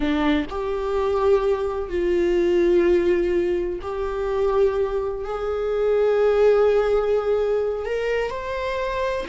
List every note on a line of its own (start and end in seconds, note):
0.00 0.45 D4
0.49 1.89 G4
1.89 3.79 F4
3.81 5.24 G4
5.24 7.85 G#4
7.85 8.30 A#4
8.30 9.25 C5